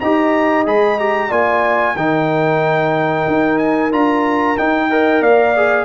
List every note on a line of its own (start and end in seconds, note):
0.00 0.67 D#4
0.00 0.66 G4
0.00 1.29 D#5
0.00 0.65 A#5
0.66 1.31 G#3
0.66 0.99 G#4
0.66 1.00 B5
0.99 1.30 G4
0.99 1.32 A#5
1.29 1.96 A#3
1.29 1.96 F4
1.29 1.95 D5
1.29 1.97 G#5
1.96 3.26 D#3
1.96 3.92 D#4
1.96 4.90 A#4
1.96 3.59 G5
3.28 3.93 D#4
3.59 3.91 G#5
3.92 4.58 D4
3.92 4.57 F4
3.92 4.58 A#5
4.58 4.91 D#4
4.58 5.21 D#4
4.58 5.23 G5
4.91 5.56 A#4
4.91 5.22 D#5
5.21 5.85 A#3
5.21 5.85 D5
5.21 5.85 F5
5.57 5.85 G#4